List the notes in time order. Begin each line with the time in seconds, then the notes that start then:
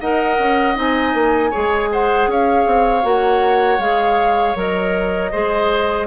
0.00 D#4 A#4 D#5 F#5
0.39 C#4
0.75 C4 D#4 G#5
1.13 A#3
1.50 G#3 G#4 C#5
1.91 C5 F#5
2.27 C#4 C#5 F5
2.66 C4
3.02 A#3 F#4 F#5
3.78 G#3 G#4 F5
4.55 F#3 A#4 D#5
5.31 G#3 G#4 C5